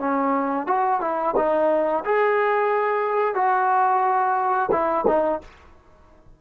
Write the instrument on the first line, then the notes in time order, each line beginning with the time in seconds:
trombone
0.00 C#4
0.67 F#4
1.01 E4
1.37 D#4
2.05 G#4
3.36 F#4
4.72 E4
5.08 D#4